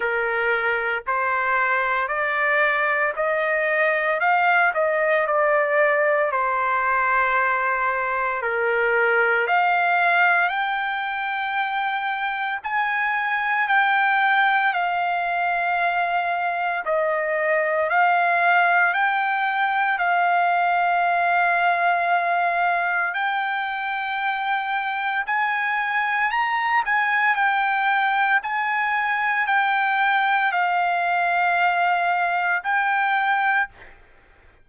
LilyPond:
\new Staff \with { instrumentName = "trumpet" } { \time 4/4 \tempo 4 = 57 ais'4 c''4 d''4 dis''4 | f''8 dis''8 d''4 c''2 | ais'4 f''4 g''2 | gis''4 g''4 f''2 |
dis''4 f''4 g''4 f''4~ | f''2 g''2 | gis''4 ais''8 gis''8 g''4 gis''4 | g''4 f''2 g''4 | }